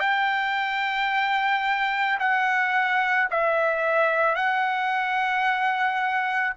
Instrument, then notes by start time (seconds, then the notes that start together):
trumpet
0.00 G5
2.20 F#5
3.31 E5
4.35 F#5